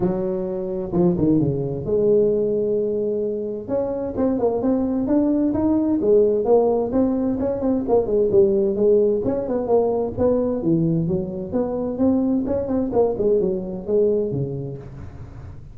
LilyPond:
\new Staff \with { instrumentName = "tuba" } { \time 4/4 \tempo 4 = 130 fis2 f8 dis8 cis4 | gis1 | cis'4 c'8 ais8 c'4 d'4 | dis'4 gis4 ais4 c'4 |
cis'8 c'8 ais8 gis8 g4 gis4 | cis'8 b8 ais4 b4 e4 | fis4 b4 c'4 cis'8 c'8 | ais8 gis8 fis4 gis4 cis4 | }